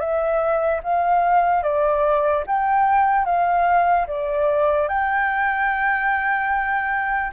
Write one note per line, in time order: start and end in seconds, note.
0.00 0.81 E5
0.84 1.63 F5
1.63 2.44 D5
2.47 3.26 G5
3.26 4.07 F5
4.08 4.89 D5
4.89 7.32 G5